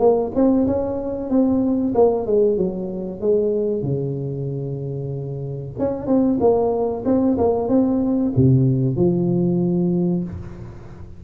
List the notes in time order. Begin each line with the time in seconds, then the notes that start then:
0.00 A#3
0.35 C4
0.68 C#4
1.30 C4
1.95 A#3
2.27 G#3
2.58 F#3
3.21 G#3
3.83 C#3
5.79 C#4
6.07 C4
6.41 A#3
7.05 C4
7.38 A#3
7.69 C4
8.37 C3
8.97 F3